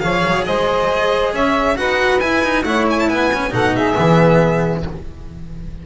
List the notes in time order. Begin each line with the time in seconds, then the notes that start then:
0.00 F3 G#4 C#5 F5
0.26 F#3
0.46 G#3 C5 D#5
1.33 C#4 C#5 E5
1.76 D#4 F#4 B4 F#5
2.20 E4 G#5
2.43 D#4
2.64 A3 E4 C#5 F#5
2.90 G#5
2.99 A5
3.08 B3 B4 G#5
3.34 C#4
3.51 B2 D#4 A4 F#5
3.75 G#4 E5
3.95 E3 B3